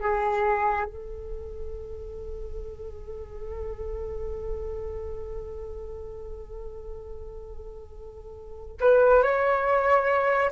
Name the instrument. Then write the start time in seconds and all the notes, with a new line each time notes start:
flute
0.00 G#4
0.85 A4
8.81 B4
9.23 C#5